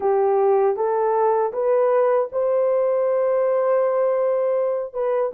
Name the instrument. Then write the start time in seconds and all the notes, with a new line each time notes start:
horn
0.00 G4
0.76 A4
1.52 B4
2.32 C5
4.93 B4